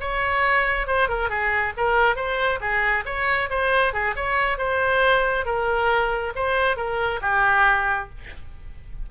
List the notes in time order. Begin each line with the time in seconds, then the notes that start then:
0.00 C#5
0.87 C5
1.09 A#4
1.29 G#4
1.77 A#4
2.16 C5
2.60 G#4
3.05 C#5
3.50 C5
3.93 G#4
4.16 C#5
4.58 C5
5.45 A#4
6.35 C5
6.76 A#4
7.21 G4